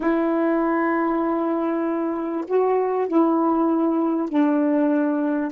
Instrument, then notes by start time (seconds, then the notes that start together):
saxophone
0.00 E4
2.47 F#4
3.08 E4
4.29 D4